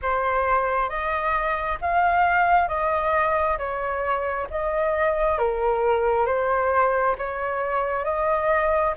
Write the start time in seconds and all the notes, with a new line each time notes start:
0.02 C5
0.89 D#5
1.81 F5
2.68 D#5
3.57 C#5
4.50 D#5
5.38 A#4
6.26 C5
7.18 C#5
8.04 D#5